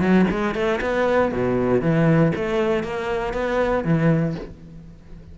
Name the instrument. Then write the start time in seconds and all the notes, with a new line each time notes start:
cello
0.00 F#3
0.30 G#3
0.54 A3
0.81 B3
1.31 B2
1.81 E3
2.35 A3
2.83 A#3
3.33 B3
3.84 E3